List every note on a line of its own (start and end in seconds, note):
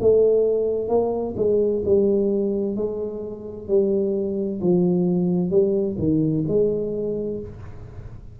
0.00 0.89 A3
0.89 1.35 A#3
1.37 1.83 G#3
1.85 2.76 G3
2.76 3.68 G#3
3.68 4.60 G3
4.61 5.50 F3
5.50 5.96 G3
5.98 6.44 D#3
6.47 7.40 G#3